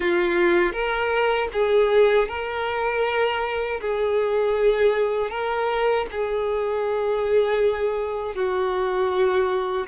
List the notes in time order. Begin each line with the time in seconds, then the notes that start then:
0.00 F4
0.72 A#4
1.52 G#4
2.28 A#4
3.80 G#4
5.30 A#4
6.11 G#4
8.35 F#4